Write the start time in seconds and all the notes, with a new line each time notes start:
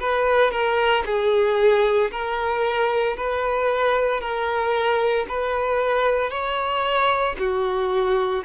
0.00 B4
0.51 A#4
1.06 G#4
2.11 A#4
3.17 B4
4.21 A#4
5.29 B4
6.31 C#5
7.39 F#4